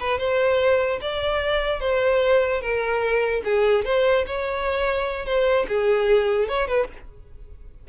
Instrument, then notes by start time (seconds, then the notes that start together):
violin
0.00 B4
0.18 C5
1.01 D5
1.80 C5
2.61 A#4
3.44 G#4
3.85 C5
4.26 C#5
5.25 C5
5.68 G#4
6.48 C#5
6.68 B4